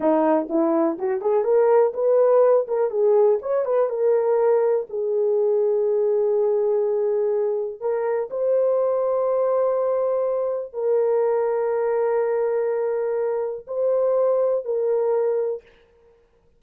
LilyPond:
\new Staff \with { instrumentName = "horn" } { \time 4/4 \tempo 4 = 123 dis'4 e'4 fis'8 gis'8 ais'4 | b'4. ais'8 gis'4 cis''8 b'8 | ais'2 gis'2~ | gis'1 |
ais'4 c''2.~ | c''2 ais'2~ | ais'1 | c''2 ais'2 | }